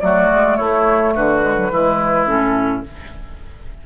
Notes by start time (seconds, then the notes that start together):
0.00 F#3 A3 F#4 D5
0.30 G#3
0.56 A3 E4 C#5
1.15 D3 F#4 B4
1.41 G#3
1.56 F#3
1.70 E3 G#3 E4
2.26 A2 C#4 A4